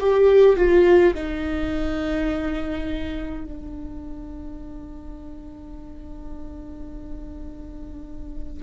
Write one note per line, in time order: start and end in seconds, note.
0.00 0.57 G4
0.57 1.14 F4
1.14 3.45 D#4
3.45 8.63 D4